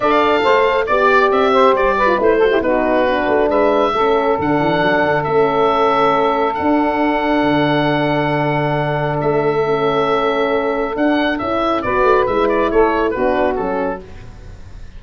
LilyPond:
<<
  \new Staff \with { instrumentName = "oboe" } { \time 4/4 \tempo 4 = 137 f''2 d''4 e''4 | d''4 c''4 b'2 | e''2 fis''2 | e''2. fis''4~ |
fis''1~ | fis''4 e''2.~ | e''4 fis''4 e''4 d''4 | e''8 d''8 cis''4 b'4 a'4 | }
  \new Staff \with { instrumentName = "saxophone" } { \time 4/4 d''4 c''4 d''4. c''8~ | c''8 b'4 a'16 g'16 fis'2 | b'4 a'2.~ | a'1~ |
a'1~ | a'1~ | a'2. b'4~ | b'4 a'4 fis'2 | }
  \new Staff \with { instrumentName = "horn" } { \time 4/4 a'2 g'2~ | g'8. f'16 e'8 fis'16 e'16 dis'4 d'4~ | d'4 cis'4 d'2 | cis'2. d'4~ |
d'1~ | d'2 cis'2~ | cis'4 d'4 e'4 fis'4 | e'2 d'4 cis'4 | }
  \new Staff \with { instrumentName = "tuba" } { \time 4/4 d'4 a4 b4 c'4 | g4 a4 b4. a8 | gis4 a4 d8 e8 fis8 d8 | a2. d'4~ |
d'4 d2.~ | d4 a2.~ | a4 d'4 cis'4 b8 a8 | gis4 a4 b4 fis4 | }
>>